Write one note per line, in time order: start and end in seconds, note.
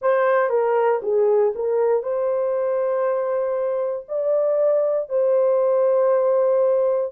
0.01 0.49 C5
0.49 1.00 A#4
1.02 1.53 G#4
1.55 2.02 A#4
2.02 4.06 C5
4.08 5.09 D5
5.09 7.12 C5